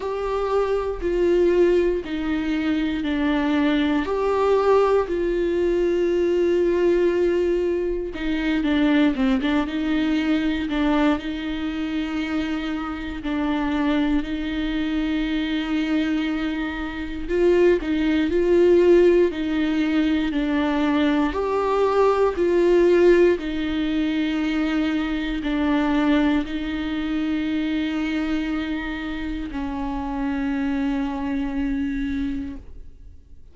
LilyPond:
\new Staff \with { instrumentName = "viola" } { \time 4/4 \tempo 4 = 59 g'4 f'4 dis'4 d'4 | g'4 f'2. | dis'8 d'8 c'16 d'16 dis'4 d'8 dis'4~ | dis'4 d'4 dis'2~ |
dis'4 f'8 dis'8 f'4 dis'4 | d'4 g'4 f'4 dis'4~ | dis'4 d'4 dis'2~ | dis'4 cis'2. | }